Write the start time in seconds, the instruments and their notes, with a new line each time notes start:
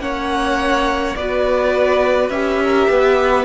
0.00 cello A#3, viola C#4, violin C#5 F#5
1.16 cello B3, viola F#4, violin B4 D5
2.30 cello C#4, viola G4, violin E5
2.64 violin A#4
2.91 cello B3, violin B4